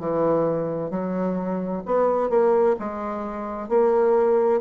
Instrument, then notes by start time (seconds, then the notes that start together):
bassoon
0.00 E3
0.91 F#3
1.86 B3
2.30 A#3
2.79 G#3
3.69 A#3